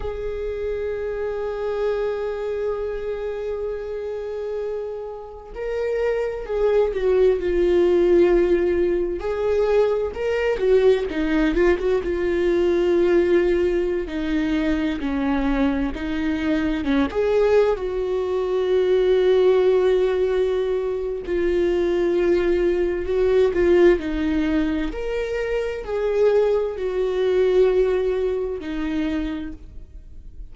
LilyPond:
\new Staff \with { instrumentName = "viola" } { \time 4/4 \tempo 4 = 65 gis'1~ | gis'2 ais'4 gis'8 fis'8 | f'2 gis'4 ais'8 fis'8 | dis'8 f'16 fis'16 f'2~ f'16 dis'8.~ |
dis'16 cis'4 dis'4 cis'16 gis'8. fis'8.~ | fis'2. f'4~ | f'4 fis'8 f'8 dis'4 ais'4 | gis'4 fis'2 dis'4 | }